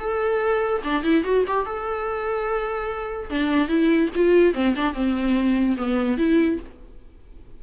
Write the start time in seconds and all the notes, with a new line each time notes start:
0.00 A4
0.84 D4
1.04 E4
1.24 F#4
1.48 G4
1.66 A4
3.30 D4
3.68 E4
4.15 F4
4.54 C4
4.76 D4
4.94 C4
5.78 B3
6.18 E4